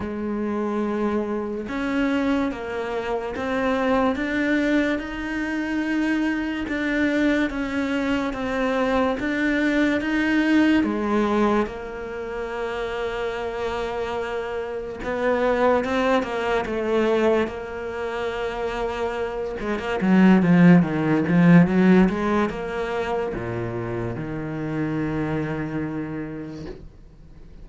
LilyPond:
\new Staff \with { instrumentName = "cello" } { \time 4/4 \tempo 4 = 72 gis2 cis'4 ais4 | c'4 d'4 dis'2 | d'4 cis'4 c'4 d'4 | dis'4 gis4 ais2~ |
ais2 b4 c'8 ais8 | a4 ais2~ ais8 gis16 ais16 | fis8 f8 dis8 f8 fis8 gis8 ais4 | ais,4 dis2. | }